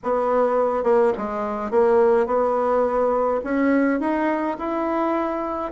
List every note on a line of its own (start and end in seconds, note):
0.03 0.83 B3
0.83 1.12 A#3
1.17 1.71 G#3
1.71 2.26 A#3
2.26 3.40 B3
3.44 4.00 C#4
4.00 4.57 D#4
4.58 5.72 E4